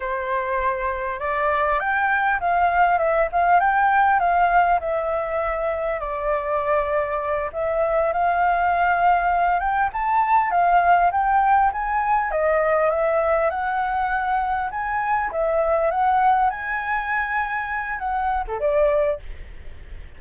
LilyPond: \new Staff \with { instrumentName = "flute" } { \time 4/4 \tempo 4 = 100 c''2 d''4 g''4 | f''4 e''8 f''8 g''4 f''4 | e''2 d''2~ | d''8 e''4 f''2~ f''8 |
g''8 a''4 f''4 g''4 gis''8~ | gis''8 dis''4 e''4 fis''4.~ | fis''8 gis''4 e''4 fis''4 gis''8~ | gis''2 fis''8. a'16 d''4 | }